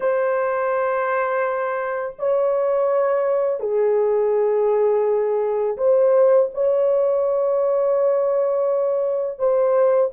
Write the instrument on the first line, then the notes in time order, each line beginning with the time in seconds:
horn
0.00 C5
2.18 C#5
3.59 G#4
5.77 C5
6.54 C#5
9.38 C5